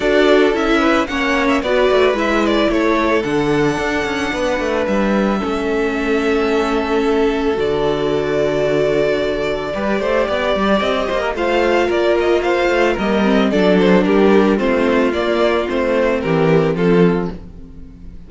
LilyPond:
<<
  \new Staff \with { instrumentName = "violin" } { \time 4/4 \tempo 4 = 111 d''4 e''4 fis''8. e''16 d''4 | e''8 d''8 cis''4 fis''2~ | fis''4 e''2.~ | e''2 d''2~ |
d''1 | dis''4 f''4 d''8 dis''8 f''4 | dis''4 d''8 c''8 ais'4 c''4 | d''4 c''4 ais'4 a'4 | }
  \new Staff \with { instrumentName = "violin" } { \time 4/4 a'4. b'8 cis''4 b'4~ | b'4 a'2. | b'2 a'2~ | a'1~ |
a'2 b'8 c''8 d''4~ | d''8 c''16 ais'16 c''4 ais'4 c''4 | ais'4 a'4 g'4 f'4~ | f'2 g'4 f'4 | }
  \new Staff \with { instrumentName = "viola" } { \time 4/4 fis'4 e'4 cis'4 fis'4 | e'2 d'2~ | d'2 cis'2~ | cis'2 fis'2~ |
fis'2 g'2~ | g'4 f'2. | ais8 c'8 d'2 c'4 | ais4 c'2. | }
  \new Staff \with { instrumentName = "cello" } { \time 4/4 d'4 cis'4 ais4 b8 a8 | gis4 a4 d4 d'8 cis'8 | b8 a8 g4 a2~ | a2 d2~ |
d2 g8 a8 b8 g8 | c'8 ais8 a4 ais4. a8 | g4 fis4 g4 a4 | ais4 a4 e4 f4 | }
>>